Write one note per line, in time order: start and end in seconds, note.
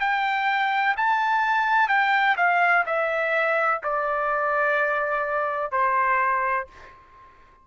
0.00 0.95 G5
0.97 1.89 A5
1.89 2.36 G5
2.37 2.84 F5
2.86 3.81 E5
3.83 5.72 D5
5.72 6.67 C5